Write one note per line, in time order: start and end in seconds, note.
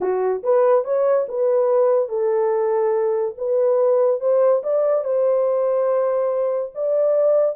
0.01 0.43 F#4
0.43 0.84 B4
0.84 1.26 C#5
1.28 2.08 B4
2.08 3.34 A4
3.37 4.20 B4
4.20 4.62 C5
4.63 5.04 D5
5.04 6.72 C5
6.74 7.55 D5